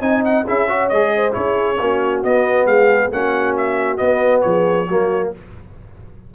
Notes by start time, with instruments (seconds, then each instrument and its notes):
0.00 tuba C4, trombone D#4, horn D#5, trumpet G#5
0.24 trumpet F#5
0.45 tuba C#4, trombone E4, horn G#4, trumpet E5
0.67 trombone F#4, horn C#5
0.88 tuba G#3, trombone G#4, trumpet D#5
1.15 horn C5
1.31 tuba C#4, trombone E4, horn G#4, trumpet C#5
1.80 tuba A#3, trombone C#4, horn F#4
2.23 tuba B3, trombone B3, trumpet D#5
2.66 tuba G#3, horn G#4, trumpet F5
3.11 tuba A#3, trombone C#4, horn F#4, trumpet F#5
3.57 trumpet E5
3.97 trombone B3, tuba B3, trumpet D#5
4.41 tuba F3, horn G#4, trumpet C#5
4.87 tuba F#3, trombone A#3, horn F#4